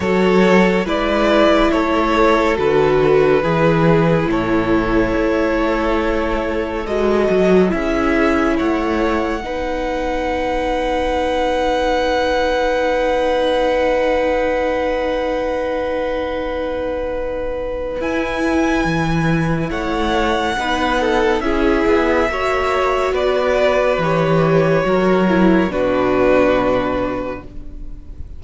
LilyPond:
<<
  \new Staff \with { instrumentName = "violin" } { \time 4/4 \tempo 4 = 70 cis''4 d''4 cis''4 b'4~ | b'4 cis''2. | dis''4 e''4 fis''2~ | fis''1~ |
fis''1~ | fis''4 gis''2 fis''4~ | fis''4 e''2 d''4 | cis''2 b'2 | }
  \new Staff \with { instrumentName = "violin" } { \time 4/4 a'4 b'4 a'2 | gis'4 a'2.~ | a'4 gis'4 cis''4 b'4~ | b'1~ |
b'1~ | b'2. cis''4 | b'8 a'8 gis'4 cis''4 b'4~ | b'4 ais'4 fis'2 | }
  \new Staff \with { instrumentName = "viola" } { \time 4/4 fis'4 e'2 fis'4 | e'1 | fis'4 e'2 dis'4~ | dis'1~ |
dis'1~ | dis'4 e'2. | dis'4 e'4 fis'2 | g'4 fis'8 e'8 d'2 | }
  \new Staff \with { instrumentName = "cello" } { \time 4/4 fis4 gis4 a4 d4 | e4 a,4 a2 | gis8 fis8 cis'4 a4 b4~ | b1~ |
b1~ | b4 e'4 e4 a4 | b4 cis'8 b8 ais4 b4 | e4 fis4 b,2 | }
>>